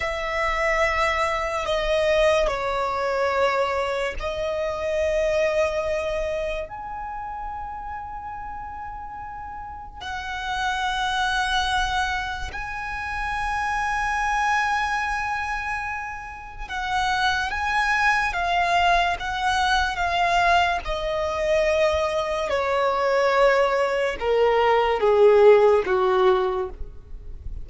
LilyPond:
\new Staff \with { instrumentName = "violin" } { \time 4/4 \tempo 4 = 72 e''2 dis''4 cis''4~ | cis''4 dis''2. | gis''1 | fis''2. gis''4~ |
gis''1 | fis''4 gis''4 f''4 fis''4 | f''4 dis''2 cis''4~ | cis''4 ais'4 gis'4 fis'4 | }